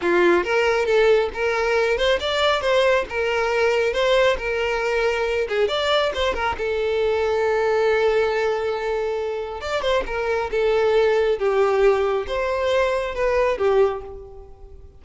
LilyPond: \new Staff \with { instrumentName = "violin" } { \time 4/4 \tempo 4 = 137 f'4 ais'4 a'4 ais'4~ | ais'8 c''8 d''4 c''4 ais'4~ | ais'4 c''4 ais'2~ | ais'8 gis'8 d''4 c''8 ais'8 a'4~ |
a'1~ | a'2 d''8 c''8 ais'4 | a'2 g'2 | c''2 b'4 g'4 | }